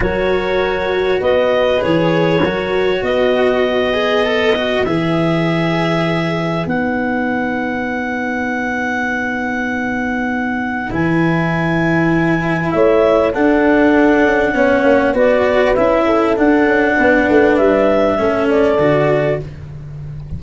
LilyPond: <<
  \new Staff \with { instrumentName = "clarinet" } { \time 4/4 \tempo 4 = 99 cis''2 dis''4 cis''4~ | cis''4 dis''2. | e''2. fis''4~ | fis''1~ |
fis''2 gis''2~ | gis''4 e''4 fis''2~ | fis''4 d''4 e''4 fis''4~ | fis''4 e''4. d''4. | }
  \new Staff \with { instrumentName = "horn" } { \time 4/4 ais'2 b'2 | ais'4 b'2.~ | b'1~ | b'1~ |
b'1~ | b'4 cis''4 a'2 | cis''4 b'4. a'4. | b'2 a'2 | }
  \new Staff \with { instrumentName = "cello" } { \time 4/4 fis'2. gis'4 | fis'2~ fis'8 gis'8 a'8 fis'8 | gis'2. dis'4~ | dis'1~ |
dis'2 e'2~ | e'2 d'2 | cis'4 fis'4 e'4 d'4~ | d'2 cis'4 fis'4 | }
  \new Staff \with { instrumentName = "tuba" } { \time 4/4 fis2 b4 e4 | fis4 b2. | e2. b4~ | b1~ |
b2 e2~ | e4 a4 d'4. cis'8 | b8 ais8 b4 cis'4 d'8 cis'8 | b8 a8 g4 a4 d4 | }
>>